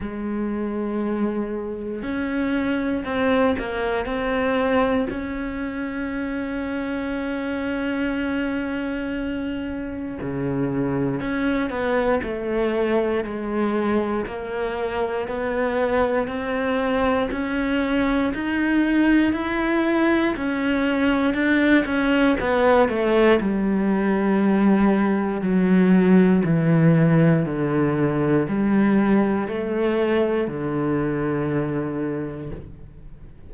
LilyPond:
\new Staff \with { instrumentName = "cello" } { \time 4/4 \tempo 4 = 59 gis2 cis'4 c'8 ais8 | c'4 cis'2.~ | cis'2 cis4 cis'8 b8 | a4 gis4 ais4 b4 |
c'4 cis'4 dis'4 e'4 | cis'4 d'8 cis'8 b8 a8 g4~ | g4 fis4 e4 d4 | g4 a4 d2 | }